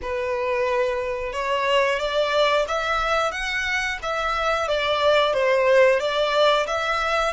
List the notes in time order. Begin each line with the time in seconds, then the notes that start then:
0.02 B4
1.32 C#5
1.98 D5
2.68 E5
3.32 F#5
4.02 E5
4.68 D5
5.33 C5
5.99 D5
6.66 E5